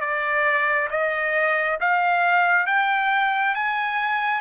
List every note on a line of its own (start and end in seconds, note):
0.00 0.88 D5
0.90 1.78 D#5
1.80 2.66 F5
2.66 3.54 G5
3.55 4.40 G#5